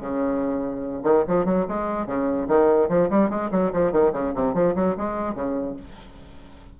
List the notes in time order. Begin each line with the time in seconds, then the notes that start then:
0.00 C#3
1.03 D#3
1.27 F3
1.45 F#3
1.68 G#3
2.06 C#3
2.48 D#3
2.89 F3
3.10 G3
3.29 G#3
3.51 F#3
3.73 F3
3.92 D#3
4.13 C#3
4.34 C3
4.54 F3
4.75 F#3
4.97 G#3
5.35 C#3